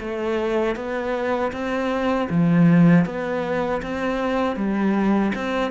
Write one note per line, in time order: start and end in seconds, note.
0.00 0.76 A3
0.76 1.52 B3
1.52 2.28 C4
2.30 3.06 F3
3.06 3.81 B3
3.82 4.56 C4
4.56 5.32 G3
5.35 5.71 C4